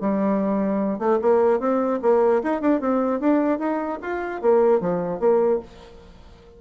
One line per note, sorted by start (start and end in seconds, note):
0.00 0.98 G3
0.98 1.18 A3
1.21 1.59 A#3
1.59 1.99 C4
2.01 2.41 A#3
2.43 2.61 D#4
2.61 2.80 D4
2.80 3.19 C4
3.19 3.59 D4
3.59 3.99 D#4
4.02 4.41 F4
4.41 4.80 A#3
4.80 5.19 F3
5.19 5.59 A#3